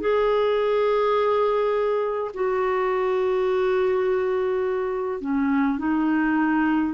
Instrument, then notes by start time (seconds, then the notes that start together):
clarinet
0.00 G#4
2.34 F#4
5.21 C#4
5.78 D#4